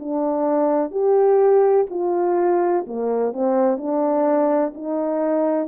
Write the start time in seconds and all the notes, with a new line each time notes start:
0.00 D4
0.91 G4
1.90 F4
2.87 A#3
3.33 C4
3.78 D4
4.75 D#4